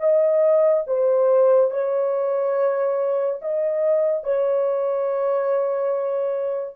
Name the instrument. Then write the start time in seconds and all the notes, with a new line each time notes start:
horn
0.00 D#5
0.87 C5
1.71 C#5
3.42 D#5
4.24 C#5